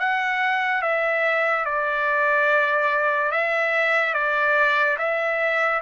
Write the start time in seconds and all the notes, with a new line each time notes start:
0.00 F#5
0.82 E5
1.65 D5
3.32 E5
4.14 D5
4.98 E5